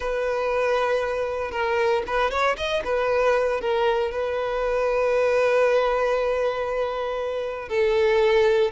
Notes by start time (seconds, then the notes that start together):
0.00 B4
1.51 A#4
2.07 B4
2.30 C#5
2.57 D#5
2.84 B4
3.61 A#4
4.11 B4
7.68 A4